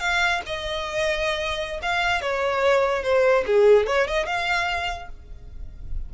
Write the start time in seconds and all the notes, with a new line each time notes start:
0.00 F5
0.46 D#5
1.82 F5
2.22 C#5
3.03 C5
3.46 G#4
3.87 C#5
4.08 D#5
4.26 F5